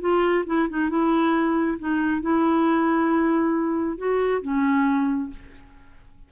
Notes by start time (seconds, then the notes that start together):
0.00 F4
0.46 E4
0.69 D#4
0.89 E4
1.78 D#4
2.21 E4
3.97 F#4
4.41 C#4